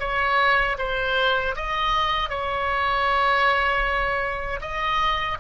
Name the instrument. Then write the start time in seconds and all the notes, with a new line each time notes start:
oboe
0.00 C#5
0.78 C5
1.56 D#5
2.29 C#5
4.61 D#5